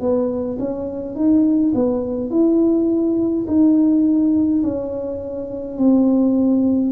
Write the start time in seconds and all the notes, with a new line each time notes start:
0.00 B3
0.59 C#4
1.15 D#4
1.74 B3
2.30 E4
3.47 D#4
4.63 C#4
5.77 C4